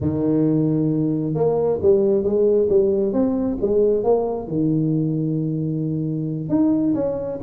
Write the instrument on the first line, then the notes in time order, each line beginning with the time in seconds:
tuba
0.01 D#3
1.34 A#3
1.82 G3
2.23 G#3
2.69 G3
3.12 C4
3.61 G#3
4.03 A#3
4.47 D#3
6.49 D#4
6.94 C#4